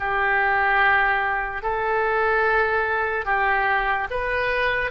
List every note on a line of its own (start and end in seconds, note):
0.00 1.63 G4
1.63 3.25 A4
3.25 4.08 G4
4.11 4.91 B4